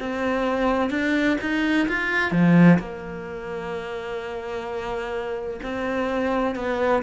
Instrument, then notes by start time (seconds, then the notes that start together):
cello
0.00 C4
0.90 D4
1.41 D#4
1.88 F4
2.32 F3
2.79 A#3
5.63 C4
6.56 B3